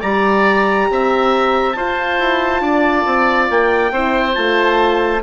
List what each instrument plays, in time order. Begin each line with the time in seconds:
0.00 bassoon G3, horn G4, oboe D5, trumpet A#5
0.89 bassoon C4, oboe E5
1.72 horn F4, bassoon F4, oboe C5, trumpet A5
2.19 bassoon E4
2.60 bassoon D4, oboe D5
3.05 bassoon C4
3.49 bassoon A#3, trumpet G5
3.91 bassoon C4, horn E4, oboe C5
4.33 bassoon A3, horn F4, trumpet A5